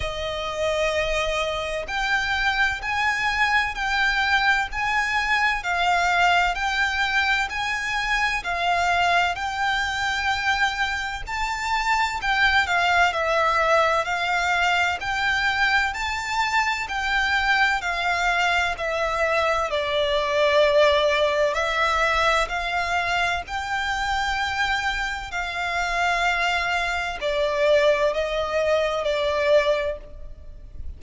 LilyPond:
\new Staff \with { instrumentName = "violin" } { \time 4/4 \tempo 4 = 64 dis''2 g''4 gis''4 | g''4 gis''4 f''4 g''4 | gis''4 f''4 g''2 | a''4 g''8 f''8 e''4 f''4 |
g''4 a''4 g''4 f''4 | e''4 d''2 e''4 | f''4 g''2 f''4~ | f''4 d''4 dis''4 d''4 | }